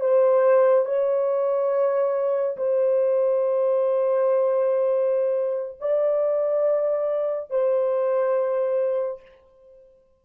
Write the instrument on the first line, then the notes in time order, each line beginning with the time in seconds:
horn
0.00 C5
0.85 C#5
2.57 C5
5.80 D5
7.50 C5